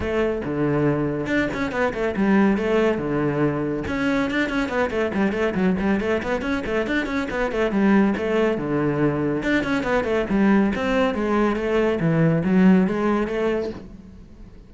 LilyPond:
\new Staff \with { instrumentName = "cello" } { \time 4/4 \tempo 4 = 140 a4 d2 d'8 cis'8 | b8 a8 g4 a4 d4~ | d4 cis'4 d'8 cis'8 b8 a8 | g8 a8 fis8 g8 a8 b8 cis'8 a8 |
d'8 cis'8 b8 a8 g4 a4 | d2 d'8 cis'8 b8 a8 | g4 c'4 gis4 a4 | e4 fis4 gis4 a4 | }